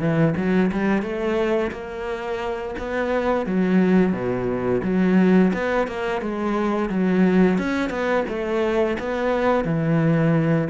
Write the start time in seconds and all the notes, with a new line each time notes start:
0.00 E3
0.37 F#3
0.72 G3
1.03 A3
1.72 A#3
2.79 B3
3.47 F#3
4.13 B2
4.84 F#3
5.54 B3
5.87 A#3
6.22 G#3
6.90 F#3
7.59 C#4
7.90 B3
8.29 A3
8.99 B3
9.65 E3